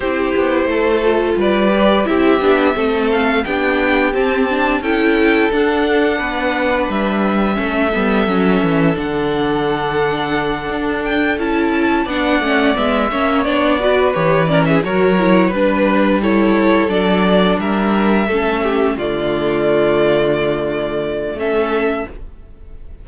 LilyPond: <<
  \new Staff \with { instrumentName = "violin" } { \time 4/4 \tempo 4 = 87 c''2 d''4 e''4~ | e''8 f''8 g''4 a''4 g''4 | fis''2 e''2~ | e''4 fis''2. |
g''8 a''4 fis''4 e''4 d''8~ | d''8 cis''8 d''16 e''16 cis''4 b'4 cis''8~ | cis''8 d''4 e''2 d''8~ | d''2. e''4 | }
  \new Staff \with { instrumentName = "violin" } { \time 4/4 g'4 a'4 b'4 g'4 | a'4 g'2 a'4~ | a'4 b'2 a'4~ | a'1~ |
a'4. d''4. cis''4 | b'4 ais'16 gis'16 ais'4 b'4 a'8~ | a'4. ais'4 a'8 g'8 f'8~ | f'2. a'4 | }
  \new Staff \with { instrumentName = "viola" } { \time 4/4 e'4. f'4 g'8 e'8 d'8 | c'4 d'4 c'8 d'8 e'4 | d'2. cis'8 b8 | cis'4 d'2.~ |
d'8 e'4 d'8 cis'8 b8 cis'8 d'8 | fis'8 g'8 cis'8 fis'8 e'8 d'4 e'8~ | e'8 d'2 cis'4 a8~ | a2. cis'4 | }
  \new Staff \with { instrumentName = "cello" } { \time 4/4 c'8 b8 a4 g4 c'8 b8 | a4 b4 c'4 cis'4 | d'4 b4 g4 a8 g8 | fis8 e8 d2~ d8 d'8~ |
d'8 cis'4 b8 a8 gis8 ais8 b8~ | b8 e4 fis4 g4.~ | g8 fis4 g4 a4 d8~ | d2. a4 | }
>>